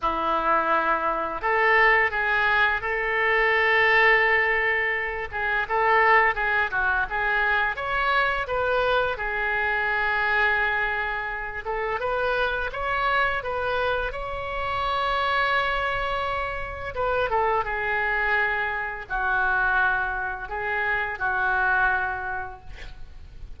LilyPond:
\new Staff \with { instrumentName = "oboe" } { \time 4/4 \tempo 4 = 85 e'2 a'4 gis'4 | a'2.~ a'8 gis'8 | a'4 gis'8 fis'8 gis'4 cis''4 | b'4 gis'2.~ |
gis'8 a'8 b'4 cis''4 b'4 | cis''1 | b'8 a'8 gis'2 fis'4~ | fis'4 gis'4 fis'2 | }